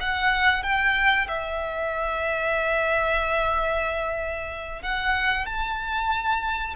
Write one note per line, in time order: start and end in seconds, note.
0.00 0.62 F#5
0.62 1.27 G5
1.27 4.82 E5
4.82 5.45 F#5
5.45 6.74 A5